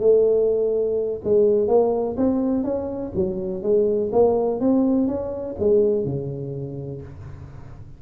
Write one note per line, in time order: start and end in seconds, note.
0.00 1.21 A3
1.24 1.68 G#3
1.68 2.16 A#3
2.17 2.64 C4
2.64 3.12 C#4
3.15 3.62 F#3
3.62 4.11 G#3
4.12 4.60 A#3
4.60 5.07 C4
5.07 5.56 C#4
5.59 6.05 G#3
6.05 7.02 C#3